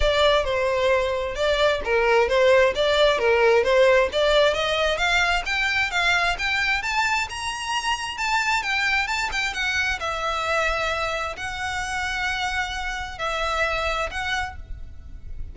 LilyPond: \new Staff \with { instrumentName = "violin" } { \time 4/4 \tempo 4 = 132 d''4 c''2 d''4 | ais'4 c''4 d''4 ais'4 | c''4 d''4 dis''4 f''4 | g''4 f''4 g''4 a''4 |
ais''2 a''4 g''4 | a''8 g''8 fis''4 e''2~ | e''4 fis''2.~ | fis''4 e''2 fis''4 | }